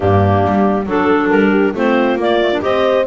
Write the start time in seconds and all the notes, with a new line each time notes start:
0.00 G2 A#3 D4 G4
0.44 G3
0.86 F#3 D4 A4
1.29 G3 A#4
1.50 G4
1.74 A3 C4 F4 C5
2.15 A#3 D5
2.41 A3
2.52 D4
2.61 C4 G4 C5 D#5